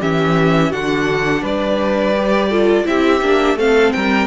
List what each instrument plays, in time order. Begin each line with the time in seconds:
0.00 cello E3, viola C#4, violin G4 E5
0.71 cello D3, viola D4, violin F#4 F#5
1.42 cello G3, violin B4 D5
2.18 viola G4
2.49 viola F4, violin A4
2.84 cello C4, viola E4, violin G4 E5
3.21 cello A#3, viola D4
3.56 cello A3, viola C4, violin A4 F5
3.92 cello G3, violin A#4 G5